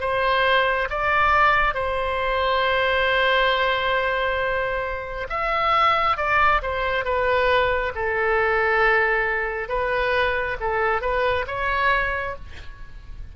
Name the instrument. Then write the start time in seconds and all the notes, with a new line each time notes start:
oboe
0.00 C5
0.90 D5
1.74 C5
5.29 E5
6.17 D5
6.62 C5
7.04 B4
7.95 A4
9.69 B4
10.60 A4
11.01 B4
11.47 C#5